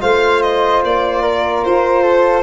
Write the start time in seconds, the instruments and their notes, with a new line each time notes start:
0.00 tuba A3, trombone F4, flute C5, violin F5
0.42 violin D#5
0.83 tuba A#3, violin D5
1.22 flute A#4
1.64 tuba F4, violin C5
2.03 flute A4